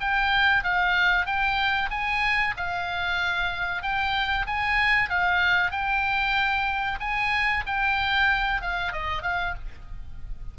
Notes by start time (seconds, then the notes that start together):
0.00 G5
0.63 F5
1.25 G5
1.90 G#5
2.56 F5
3.82 G5
4.47 G#5
5.09 F5
5.71 G5
7.00 G#5
7.66 G5
8.61 F5
8.92 D#5
9.22 F5